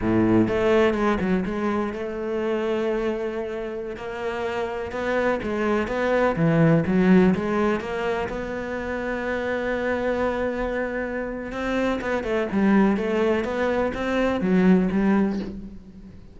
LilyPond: \new Staff \with { instrumentName = "cello" } { \time 4/4 \tempo 4 = 125 a,4 a4 gis8 fis8 gis4 | a1~ | a16 ais2 b4 gis8.~ | gis16 b4 e4 fis4 gis8.~ |
gis16 ais4 b2~ b8.~ | b1 | c'4 b8 a8 g4 a4 | b4 c'4 fis4 g4 | }